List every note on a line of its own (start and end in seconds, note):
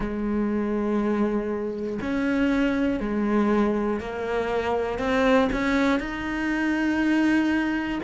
0.00 1.99 G#3
2.01 3.00 C#4
3.00 4.00 G#3
4.00 4.99 A#3
4.99 5.49 C4
5.52 5.99 C#4
5.99 7.99 D#4